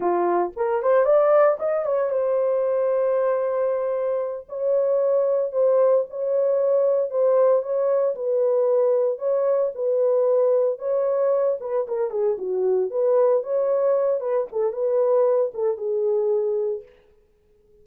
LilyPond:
\new Staff \with { instrumentName = "horn" } { \time 4/4 \tempo 4 = 114 f'4 ais'8 c''8 d''4 dis''8 cis''8 | c''1~ | c''8 cis''2 c''4 cis''8~ | cis''4. c''4 cis''4 b'8~ |
b'4. cis''4 b'4.~ | b'8 cis''4. b'8 ais'8 gis'8 fis'8~ | fis'8 b'4 cis''4. b'8 a'8 | b'4. a'8 gis'2 | }